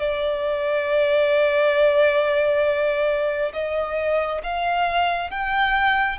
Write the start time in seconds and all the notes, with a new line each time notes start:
0.00 D5
3.53 D#5
4.44 F5
5.31 G5